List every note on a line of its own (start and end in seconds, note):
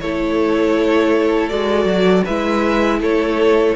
0.00 1.51 A3
0.00 1.50 E4
0.00 2.24 A4
0.00 1.49 C#5
1.49 1.85 G#3
1.49 2.25 F#4
1.49 2.24 D5
1.85 2.23 F#3
2.24 3.01 G#3
2.24 3.76 E4
2.24 2.99 B4
2.24 3.00 E5
3.01 3.76 A3
3.01 3.76 A4
3.01 3.76 C#5